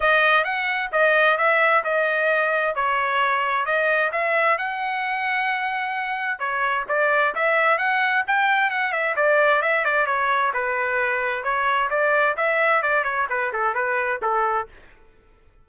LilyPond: \new Staff \with { instrumentName = "trumpet" } { \time 4/4 \tempo 4 = 131 dis''4 fis''4 dis''4 e''4 | dis''2 cis''2 | dis''4 e''4 fis''2~ | fis''2 cis''4 d''4 |
e''4 fis''4 g''4 fis''8 e''8 | d''4 e''8 d''8 cis''4 b'4~ | b'4 cis''4 d''4 e''4 | d''8 cis''8 b'8 a'8 b'4 a'4 | }